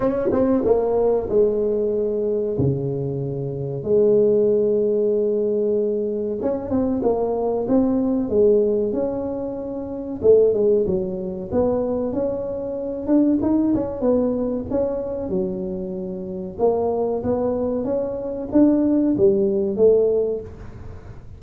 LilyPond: \new Staff \with { instrumentName = "tuba" } { \time 4/4 \tempo 4 = 94 cis'8 c'8 ais4 gis2 | cis2 gis2~ | gis2 cis'8 c'8 ais4 | c'4 gis4 cis'2 |
a8 gis8 fis4 b4 cis'4~ | cis'8 d'8 dis'8 cis'8 b4 cis'4 | fis2 ais4 b4 | cis'4 d'4 g4 a4 | }